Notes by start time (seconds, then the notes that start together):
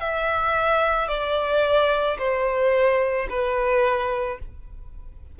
0.00 E5
1.08 D5
2.19 C5
3.30 B4